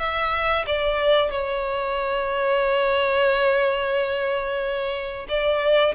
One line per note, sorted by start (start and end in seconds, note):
0.00 0.66 E5
0.67 1.32 D5
1.32 5.27 C#5
5.29 5.95 D5